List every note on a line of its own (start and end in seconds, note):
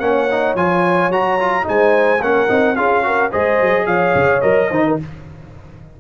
0.00 0.55 A#3
0.00 0.29 C#4
0.00 1.67 C#5
0.00 0.55 F#5
0.31 0.57 D#4
0.55 1.10 F3
0.55 1.12 F4
0.55 1.12 G#5
1.10 1.65 F#3
1.10 1.39 F#4
1.10 1.67 A#5
1.40 1.63 F4
1.63 2.20 G#3
1.63 2.18 D#4
1.63 2.22 C5
1.63 2.22 G#5
2.20 2.48 A#3
2.20 2.48 C#4
2.20 2.77 A#4
2.20 2.76 F#5
2.48 2.78 C4
2.48 2.76 D#4
2.76 3.33 C#4
2.76 3.03 F4
2.76 3.04 G#4
2.76 3.31 F5
3.03 3.31 F#4
3.03 3.31 A#4
3.31 3.61 G#3
3.31 4.42 G#4
3.31 3.86 C5
3.31 3.86 D#5
3.61 3.87 F#3
3.86 4.14 F3
3.86 4.70 C#5
3.86 4.41 F5
4.15 4.43 C#3
4.41 4.71 F#3
4.41 4.70 A#4
4.41 4.96 D#5
4.70 4.98 D#3
4.70 5.01 D#4
4.70 4.83 C5
4.86 5.00 A#4